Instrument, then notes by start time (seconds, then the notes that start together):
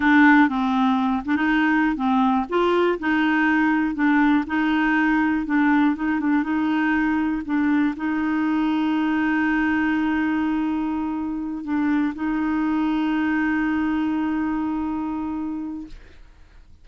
clarinet
0.00 D4
0.48 C4
1.25 D4
1.36 D#4
1.96 C4
2.49 F4
2.99 D#4
3.94 D4
4.47 D#4
5.46 D4
5.95 D#4
6.19 D4
6.43 D#4
7.45 D4
7.96 D#4
11.63 D4
12.14 D#4